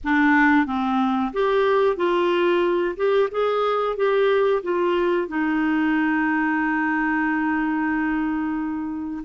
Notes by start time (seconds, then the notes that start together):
0.04 D4
0.66 C4
1.33 G4
1.96 F4
2.96 G4
3.31 G#4
3.96 G4
4.62 F4
5.27 D#4